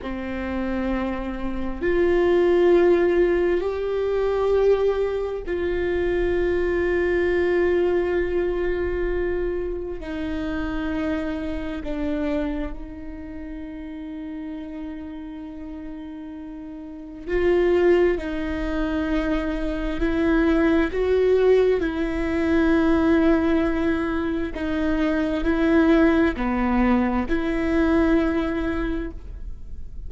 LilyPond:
\new Staff \with { instrumentName = "viola" } { \time 4/4 \tempo 4 = 66 c'2 f'2 | g'2 f'2~ | f'2. dis'4~ | dis'4 d'4 dis'2~ |
dis'2. f'4 | dis'2 e'4 fis'4 | e'2. dis'4 | e'4 b4 e'2 | }